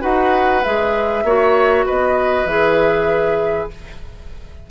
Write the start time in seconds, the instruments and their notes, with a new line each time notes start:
0.00 bassoon D#4, clarinet F#4, oboe B4, flute F#5
0.63 bassoon G#3, clarinet G#4, flute E5
1.23 bassoon A#3, clarinet F#4, oboe C#5
1.86 bassoon B3, oboe B4, flute D#5
2.45 bassoon E3, clarinet G#4, flute E5